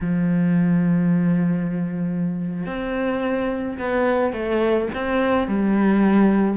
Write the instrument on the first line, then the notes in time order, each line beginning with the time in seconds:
cello
0.00 F3
2.66 C4
3.78 B3
4.32 A3
4.94 C4
5.47 G3